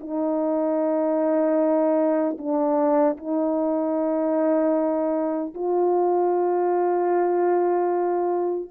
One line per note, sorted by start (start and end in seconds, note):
0.00 2.37 D#4
2.38 3.17 D4
3.17 5.54 D#4
5.54 8.70 F4